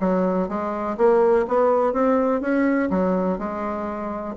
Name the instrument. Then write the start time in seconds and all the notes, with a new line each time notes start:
bassoon
0.00 F#3
0.49 G#3
0.97 A#3
1.48 B3
1.93 C4
2.41 C#4
2.90 F#3
3.39 G#3